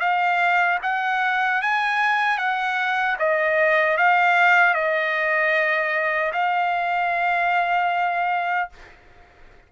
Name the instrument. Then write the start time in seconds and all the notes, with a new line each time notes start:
trumpet
0.00 F5
0.83 F#5
1.62 G#5
2.38 F#5
3.19 D#5
3.98 F5
4.75 D#5
6.33 F5